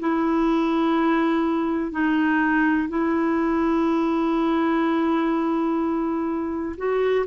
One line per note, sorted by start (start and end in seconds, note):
0.00 1.92 E4
1.92 2.89 D#4
2.89 6.76 E4
6.77 7.26 F#4